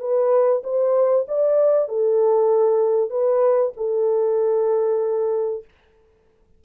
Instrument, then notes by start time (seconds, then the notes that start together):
horn
0.00 B4
0.64 C5
1.28 D5
1.89 A4
3.10 B4
3.77 A4